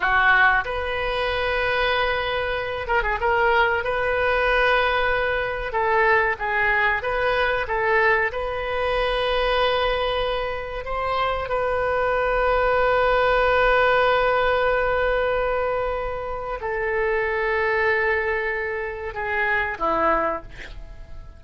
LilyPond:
\new Staff \with { instrumentName = "oboe" } { \time 4/4 \tempo 4 = 94 fis'4 b'2.~ | b'8 ais'16 gis'16 ais'4 b'2~ | b'4 a'4 gis'4 b'4 | a'4 b'2.~ |
b'4 c''4 b'2~ | b'1~ | b'2 a'2~ | a'2 gis'4 e'4 | }